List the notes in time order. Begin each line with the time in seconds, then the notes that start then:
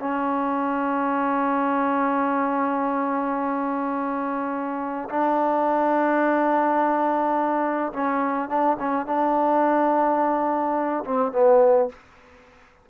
0.00 C#4
5.10 D4
7.93 C#4
8.49 D4
8.80 C#4
9.06 D4
11.05 C4
11.33 B3